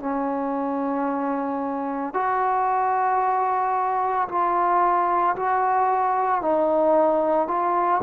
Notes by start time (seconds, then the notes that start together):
0.00 C#4
2.14 F#4
4.29 F4
5.36 F#4
6.42 D#4
7.48 F4